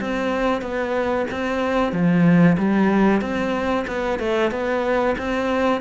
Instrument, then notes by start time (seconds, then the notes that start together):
cello
0.00 C4
0.61 B3
1.31 C4
1.92 F3
2.57 G3
3.21 C4
3.87 B3
4.19 A3
4.51 B3
5.18 C4